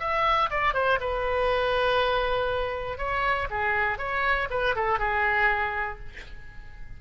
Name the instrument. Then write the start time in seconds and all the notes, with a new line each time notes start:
oboe
0.00 E5
0.50 D5
0.74 C5
1.00 B4
2.98 C#5
3.50 G#4
3.98 C#5
4.50 B4
4.75 A4
4.99 G#4